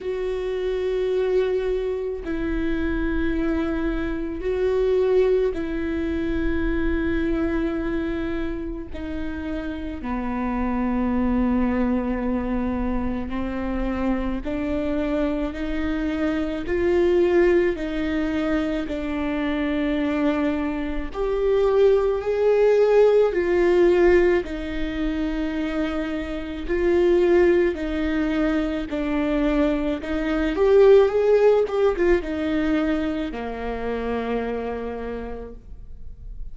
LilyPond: \new Staff \with { instrumentName = "viola" } { \time 4/4 \tempo 4 = 54 fis'2 e'2 | fis'4 e'2. | dis'4 b2. | c'4 d'4 dis'4 f'4 |
dis'4 d'2 g'4 | gis'4 f'4 dis'2 | f'4 dis'4 d'4 dis'8 g'8 | gis'8 g'16 f'16 dis'4 ais2 | }